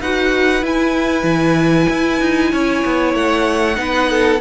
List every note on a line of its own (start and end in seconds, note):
0.00 0.62 D#4
0.00 0.61 F#4
0.00 2.51 B4
0.00 0.64 F#5
0.61 3.75 E4
0.61 1.23 E4
0.61 3.14 G#5
1.23 1.86 E3
1.89 2.21 E4
2.21 2.52 D#4
2.51 2.83 C#4
2.51 3.78 C#5
2.85 3.14 B3
3.14 3.77 A3
3.14 4.41 F#5
3.75 4.40 B3
3.75 4.38 D#4
3.75 4.10 B4
4.10 4.41 A4